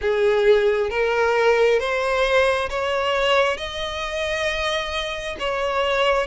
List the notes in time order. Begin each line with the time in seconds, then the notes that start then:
0.01 G#4
0.90 A#4
1.79 C5
2.69 C#5
3.57 D#5
5.39 C#5